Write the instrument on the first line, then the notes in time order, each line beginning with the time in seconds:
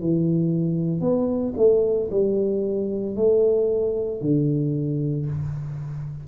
tuba
0.00 E3
1.00 B3
1.56 A3
2.11 G3
3.15 A3
4.21 D3